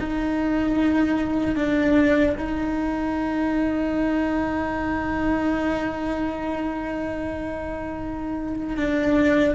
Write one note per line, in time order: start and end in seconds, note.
0.00 1.56 D#4
1.56 2.36 D4
2.38 8.77 D#4
8.77 9.55 D4